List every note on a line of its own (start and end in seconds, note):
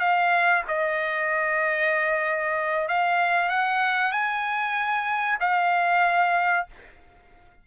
0.00 0.63 F5
0.68 2.89 D#5
2.89 3.49 F5
3.49 4.12 F#5
4.12 5.39 G#5
5.41 6.67 F5